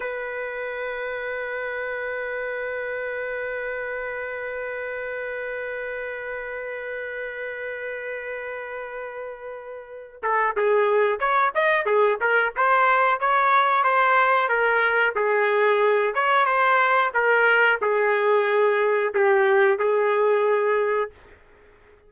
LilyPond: \new Staff \with { instrumentName = "trumpet" } { \time 4/4 \tempo 4 = 91 b'1~ | b'1~ | b'1~ | b'2.~ b'8 a'8 |
gis'4 cis''8 dis''8 gis'8 ais'8 c''4 | cis''4 c''4 ais'4 gis'4~ | gis'8 cis''8 c''4 ais'4 gis'4~ | gis'4 g'4 gis'2 | }